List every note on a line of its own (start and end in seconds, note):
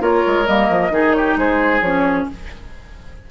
0.00 0.23 A#3
0.00 0.45 F4
0.00 0.92 A#4
0.00 0.46 C#5
0.26 0.47 G#3
0.46 0.69 G3
0.46 0.90 A#3
0.46 1.12 D#5
0.69 0.90 F3
0.90 1.35 D#3
0.90 1.80 D#4
0.90 1.16 G#4
1.12 1.38 G4
1.12 1.35 C#5
1.36 1.81 G#3
1.36 2.28 G#4
1.36 1.81 C5
1.81 2.26 F3
1.81 2.30 C#4
1.81 2.26 C#5